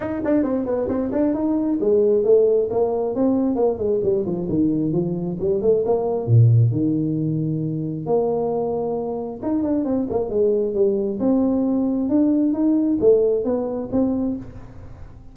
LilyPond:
\new Staff \with { instrumentName = "tuba" } { \time 4/4 \tempo 4 = 134 dis'8 d'8 c'8 b8 c'8 d'8 dis'4 | gis4 a4 ais4 c'4 | ais8 gis8 g8 f8 dis4 f4 | g8 a8 ais4 ais,4 dis4~ |
dis2 ais2~ | ais4 dis'8 d'8 c'8 ais8 gis4 | g4 c'2 d'4 | dis'4 a4 b4 c'4 | }